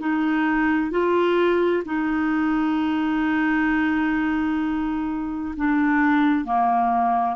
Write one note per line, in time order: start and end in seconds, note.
0.00 0.91 D#4
0.91 1.84 F4
1.86 5.55 D#4
5.57 6.45 D4
6.45 7.36 A#3